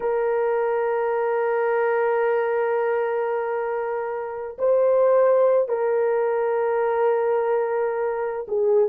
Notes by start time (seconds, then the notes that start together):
0.00 A#4
4.58 C5
5.68 A#4
8.47 G#4